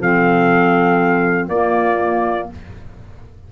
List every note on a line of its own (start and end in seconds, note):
0.00 1.48 F3
0.00 1.50 C4
0.00 1.49 A4
0.00 1.49 F5
1.48 2.48 A#3
1.48 2.52 A#3
1.48 2.50 F4
1.48 2.48 D5